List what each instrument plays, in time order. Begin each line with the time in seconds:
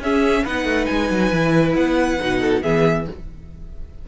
0.00 cello C#4, viola C#4, violin G#4 E5
0.44 cello B3, viola D#4, violin B4 F#5
0.65 cello A3
0.86 cello G#3, violin G#5
1.10 cello F#3
1.32 cello E3, viola E4
1.75 cello B3, violin F#5
2.20 cello B2, viola D#4
2.40 violin A4
2.62 cello E3, viola B3, violin G#4 E5